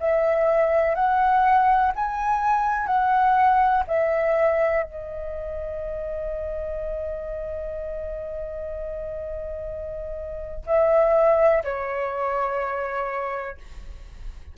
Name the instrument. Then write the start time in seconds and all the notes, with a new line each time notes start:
flute
0.00 E5
0.95 F#5
1.96 G#5
2.87 F#5
3.88 E5
4.83 D#5
10.67 E5
11.64 C#5